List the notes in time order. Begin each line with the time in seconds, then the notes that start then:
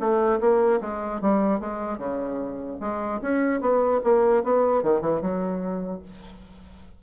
0.00 A3
0.40 A#3
0.81 G#3
1.22 G3
1.60 G#3
1.98 C#3
2.81 G#3
3.22 C#4
3.61 B3
4.04 A#3
4.44 B3
4.83 D#3
5.02 E3
5.22 F#3